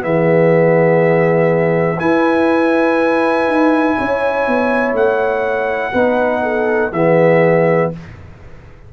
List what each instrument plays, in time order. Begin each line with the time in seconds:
0.00 tuba E3, trombone B3, horn G#4, trumpet E5
1.98 trombone E4, tuba E4, horn B4, trumpet G#5
3.47 tuba D#4
3.98 tuba C#4, horn C#5
4.47 tuba B3
4.92 tuba A3, trumpet F#5
5.92 tuba B3, trombone D#4, horn B4
6.42 horn A4
6.91 tuba E3, trombone B3, horn G#4, trumpet E5